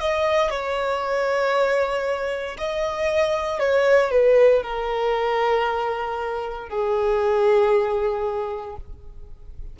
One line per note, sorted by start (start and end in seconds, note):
0.00 0.50 D#5
0.50 2.57 C#5
2.57 3.59 D#5
3.59 4.11 C#5
4.11 4.62 B4
4.62 6.69 A#4
6.69 8.76 G#4